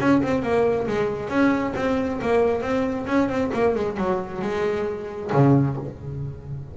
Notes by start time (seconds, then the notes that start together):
0.00 C#4
0.23 C4
0.42 A#3
0.87 G#3
1.29 C#4
1.76 C4
2.22 A#3
2.62 C4
3.07 C#4
3.29 C4
3.53 A#3
3.76 G#3
3.97 F#3
4.42 G#3
5.33 C#3